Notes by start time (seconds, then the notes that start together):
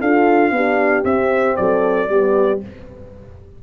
0.00 D4 F4 A4 F5
0.51 B3 D4 G4
1.04 C4 E5
1.56 F#3 A4 D5
2.08 G3 B3 G4